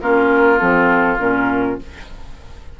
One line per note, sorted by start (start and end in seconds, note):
0.00 0.61 A#3
0.00 0.57 C#4
0.00 1.79 F4
0.00 0.58 A#4
0.57 1.18 F3
0.57 1.17 C4
0.57 1.18 A4
1.18 1.78 A#2
1.18 1.78 C#4
1.18 1.78 A#4